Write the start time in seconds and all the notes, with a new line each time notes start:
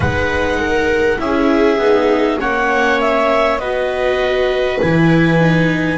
0.00 G#3 D#4 B4 F#5
0.59 A#4
1.18 C#4 E4 G#4 E5
1.77 B3 D#4
2.40 A#3 C#4 C#5 F#5
3.00 E5
3.58 B3 F#4 B4 D#5
4.81 E3 E4 G#5
5.40 D#4